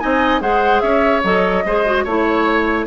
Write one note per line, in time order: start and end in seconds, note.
0.00 0.41 C4
0.00 0.41 D#4
0.00 0.42 D#5
0.00 0.41 G#5
0.41 0.82 G#3
0.41 1.23 G#4
0.41 0.83 C5
0.41 0.81 F#5
0.81 1.24 C#4
0.81 1.65 C#5
0.81 1.22 E5
1.24 1.65 F#3
1.24 1.65 A4
1.24 2.06 D#5
1.66 2.06 G#3
1.66 1.86 G#4
1.66 2.05 C5
1.86 2.07 F#4
2.05 2.87 A3
2.05 2.87 E4
2.05 2.86 C#5
2.05 2.87 C#5